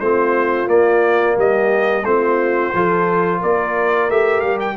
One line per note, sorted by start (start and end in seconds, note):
0.00 0.67 A3
0.00 0.67 C4
0.00 1.36 F4
0.00 0.68 C5
0.67 1.35 A#3
0.67 2.04 A#3
0.67 1.37 D5
1.36 2.04 G3
1.36 2.04 G4
1.36 2.05 D#5
2.04 2.72 A3
2.04 2.74 C4
2.04 2.75 F4
2.04 3.41 C5
2.74 3.42 F3
2.74 4.11 F4
2.74 3.39 A4
3.39 4.10 A#3
3.39 4.75 A#4
3.39 4.11 D5
4.10 4.43 A3
4.10 4.77 G4
4.10 4.41 E5
4.41 4.77 G3
4.41 4.58 F5
4.60 4.77 G5